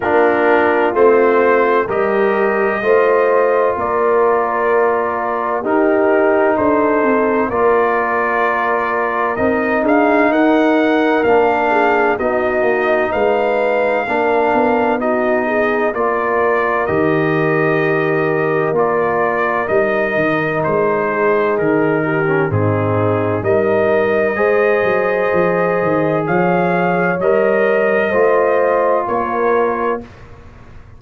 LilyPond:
<<
  \new Staff \with { instrumentName = "trumpet" } { \time 4/4 \tempo 4 = 64 ais'4 c''4 dis''2 | d''2 ais'4 c''4 | d''2 dis''8 f''8 fis''4 | f''4 dis''4 f''2 |
dis''4 d''4 dis''2 | d''4 dis''4 c''4 ais'4 | gis'4 dis''2. | f''4 dis''2 cis''4 | }
  \new Staff \with { instrumentName = "horn" } { \time 4/4 f'2 ais'4 c''4 | ais'2 g'4 a'4 | ais'2~ ais'8 gis'8 ais'4~ | ais'8 gis'8 fis'4 b'4 ais'4 |
fis'8 gis'8 ais'2.~ | ais'2~ ais'8 gis'4 g'8 | dis'4 ais'4 c''2 | cis''2 c''4 ais'4 | }
  \new Staff \with { instrumentName = "trombone" } { \time 4/4 d'4 c'4 g'4 f'4~ | f'2 dis'2 | f'2 dis'2 | d'4 dis'2 d'4 |
dis'4 f'4 g'2 | f'4 dis'2~ dis'8. cis'16 | c'4 dis'4 gis'2~ | gis'4 ais'4 f'2 | }
  \new Staff \with { instrumentName = "tuba" } { \time 4/4 ais4 a4 g4 a4 | ais2 dis'4 d'8 c'8 | ais2 c'8 d'8 dis'4 | ais4 b8 ais8 gis4 ais8 b8~ |
b4 ais4 dis2 | ais4 g8 dis8 gis4 dis4 | gis,4 g4 gis8 fis8 f8 dis8 | f4 g4 a4 ais4 | }
>>